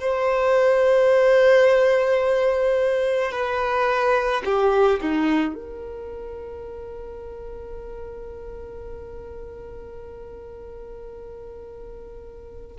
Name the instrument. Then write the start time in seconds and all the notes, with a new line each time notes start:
violin
0.00 C5
3.32 B4
4.45 G4
5.02 D#4
5.55 A#4